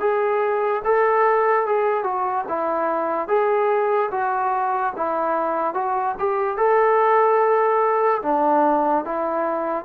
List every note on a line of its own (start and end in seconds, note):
0.00 0.82 G#4
0.84 1.67 A4
1.67 2.04 G#4
2.04 2.45 F#4
2.48 3.28 E4
3.28 4.10 G#4
4.11 4.94 F#4
4.97 5.74 E4
5.74 6.15 F#4
6.19 6.57 G4
6.57 8.22 A4
8.23 9.05 D4
9.05 9.85 E4